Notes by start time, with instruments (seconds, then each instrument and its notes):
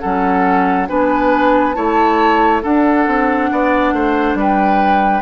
0.00 bassoon F#3, clarinet C#4, oboe A4, flute F#5
0.88 bassoon B3, clarinet D4, oboe B4, flute G#5
1.73 bassoon A3, clarinet E4, oboe C#5, flute A5
2.63 clarinet D4, bassoon D4, oboe A4, flute F#5
3.08 bassoon C4
3.52 bassoon B3, oboe D5
3.93 bassoon A3, oboe C5
4.35 bassoon G3, oboe B4, flute G5